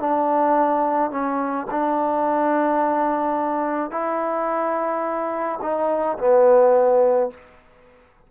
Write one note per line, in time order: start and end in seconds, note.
0.00 1.11 D4
1.11 1.67 C#4
1.71 3.91 D4
3.91 5.59 E4
5.62 6.18 D#4
6.18 7.30 B3